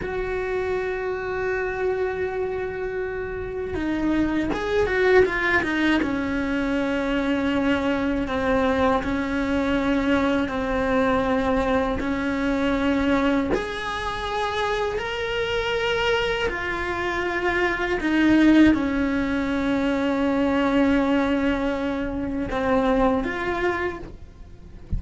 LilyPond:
\new Staff \with { instrumentName = "cello" } { \time 4/4 \tempo 4 = 80 fis'1~ | fis'4 dis'4 gis'8 fis'8 f'8 dis'8 | cis'2. c'4 | cis'2 c'2 |
cis'2 gis'2 | ais'2 f'2 | dis'4 cis'2.~ | cis'2 c'4 f'4 | }